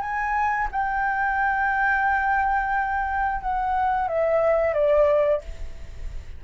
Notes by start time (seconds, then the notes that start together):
0.00 G#5
0.71 G5
3.41 F#5
4.08 E5
4.73 D5